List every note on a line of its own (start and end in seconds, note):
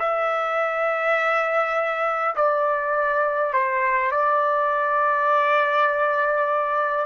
0.00 2.35 E5
2.36 3.53 D5
3.53 4.12 C5
4.12 7.06 D5